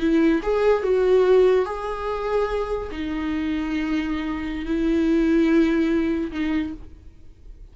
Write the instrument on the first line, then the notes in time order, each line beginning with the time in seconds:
viola
0.00 E4
0.43 G#4
0.83 F#4
1.66 G#4
2.92 D#4
4.66 E4
6.32 D#4